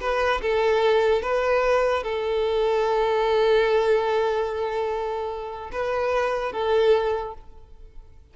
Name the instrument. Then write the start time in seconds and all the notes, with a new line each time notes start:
violin
0.00 B4
0.41 A4
1.22 B4
2.03 A4
5.71 B4
6.52 A4